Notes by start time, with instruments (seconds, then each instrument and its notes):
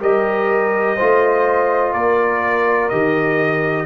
0.00 tuba G3, trombone G4, horn A#4, trumpet D#5
0.97 tuba A3, trombone F4, horn C5
1.94 tuba A#3, horn A#4, trumpet D5
2.90 tuba D#3, trombone G4, trumpet D#5